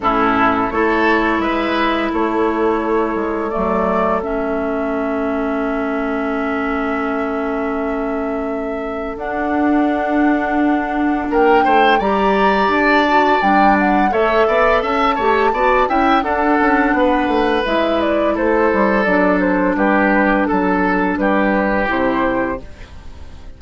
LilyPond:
<<
  \new Staff \with { instrumentName = "flute" } { \time 4/4 \tempo 4 = 85 a'4 cis''4 e''4 cis''4~ | cis''4 d''4 e''2~ | e''1~ | e''4 fis''2. |
g''4 ais''4 a''4 g''8 fis''8 | e''4 a''4. g''8 fis''4~ | fis''4 e''8 d''8 c''4 d''8 c''8 | b'4 a'4 b'4 c''4 | }
  \new Staff \with { instrumentName = "oboe" } { \time 4/4 e'4 a'4 b'4 a'4~ | a'1~ | a'1~ | a'1 |
ais'8 c''8 d''2. | cis''8 d''8 e''8 cis''8 d''8 e''8 a'4 | b'2 a'2 | g'4 a'4 g'2 | }
  \new Staff \with { instrumentName = "clarinet" } { \time 4/4 cis'4 e'2.~ | e'4 a4 cis'2~ | cis'1~ | cis'4 d'2.~ |
d'4 g'4. fis'8 d'4 | a'4. g'8 fis'8 e'8 d'4~ | d'4 e'2 d'4~ | d'2. e'4 | }
  \new Staff \with { instrumentName = "bassoon" } { \time 4/4 a,4 a4 gis4 a4~ | a8 gis8 fis4 a2~ | a1~ | a4 d'2. |
ais8 a8 g4 d'4 g4 | a8 b8 cis'8 a8 b8 cis'8 d'8 cis'8 | b8 a8 gis4 a8 g8 fis4 | g4 fis4 g4 c4 | }
>>